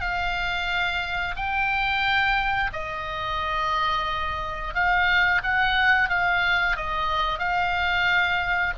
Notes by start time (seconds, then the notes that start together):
0.00 F5
1.36 G5
2.72 D#5
4.74 F5
5.43 F#5
6.09 F5
6.76 D#5
7.39 F5